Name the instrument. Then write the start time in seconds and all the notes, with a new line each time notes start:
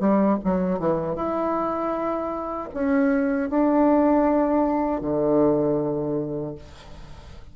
bassoon
0.00 G3
0.44 F#3
0.79 E3
1.15 E4
2.74 C#4
3.50 D4
5.01 D3